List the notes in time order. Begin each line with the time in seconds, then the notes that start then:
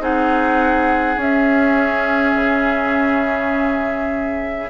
0.00 C4 D#4 G#4 F#5
1.17 C#4 E5
2.35 C#3